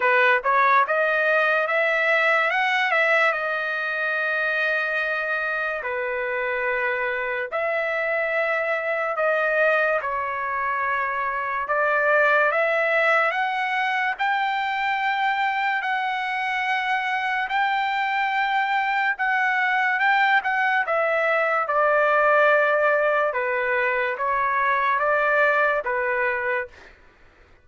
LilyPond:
\new Staff \with { instrumentName = "trumpet" } { \time 4/4 \tempo 4 = 72 b'8 cis''8 dis''4 e''4 fis''8 e''8 | dis''2. b'4~ | b'4 e''2 dis''4 | cis''2 d''4 e''4 |
fis''4 g''2 fis''4~ | fis''4 g''2 fis''4 | g''8 fis''8 e''4 d''2 | b'4 cis''4 d''4 b'4 | }